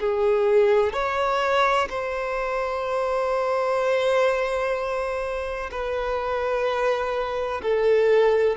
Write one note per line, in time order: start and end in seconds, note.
0.00 0.93 G#4
0.93 1.88 C#5
1.90 5.71 C5
5.71 7.62 B4
7.62 8.57 A4